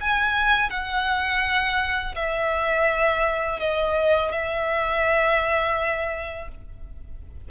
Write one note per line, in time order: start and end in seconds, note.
0.00 0.70 G#5
0.70 2.14 F#5
2.15 3.59 E5
3.59 4.31 D#5
4.31 6.48 E5